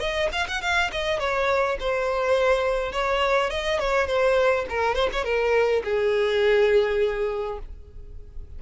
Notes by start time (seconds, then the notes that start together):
0.00 D#5
0.33 F5
0.48 F#5
0.62 F5
0.92 D#5
1.19 C#5
1.80 C5
2.92 C#5
3.50 D#5
3.80 C#5
4.07 C5
4.70 A#4
4.95 C5
5.13 C#5
5.24 A#4
5.84 G#4